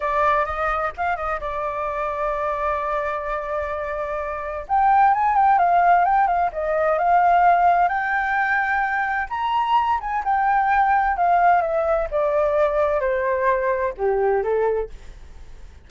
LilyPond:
\new Staff \with { instrumentName = "flute" } { \time 4/4 \tempo 4 = 129 d''4 dis''4 f''8 dis''8 d''4~ | d''1~ | d''2 g''4 gis''8 g''8 | f''4 g''8 f''8 dis''4 f''4~ |
f''4 g''2. | ais''4. gis''8 g''2 | f''4 e''4 d''2 | c''2 g'4 a'4 | }